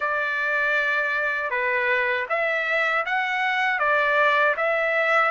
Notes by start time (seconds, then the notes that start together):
0.00 D5
1.50 B4
2.29 E5
3.05 F#5
3.79 D5
4.56 E5